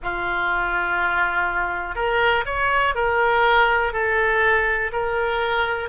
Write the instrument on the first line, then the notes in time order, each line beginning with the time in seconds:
oboe
0.02 F4
1.94 A#4
2.45 C#5
2.94 A#4
3.93 A4
4.92 A#4